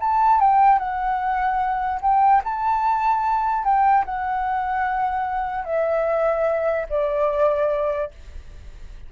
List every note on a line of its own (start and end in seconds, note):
0.00 0.40 A5
0.40 0.79 G5
0.79 2.00 F#5
2.01 2.41 G5
2.44 3.64 A5
3.64 4.04 G5
4.05 5.64 F#5
5.64 6.86 E5
6.89 8.11 D5